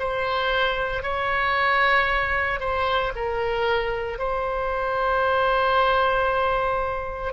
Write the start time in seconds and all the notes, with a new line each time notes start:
0.00 C5
1.03 C#5
2.60 C5
3.16 A#4
4.19 C5